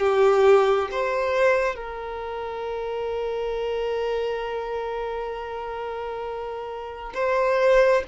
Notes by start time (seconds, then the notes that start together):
0.00 G4
0.92 C5
1.76 A#4
7.14 C5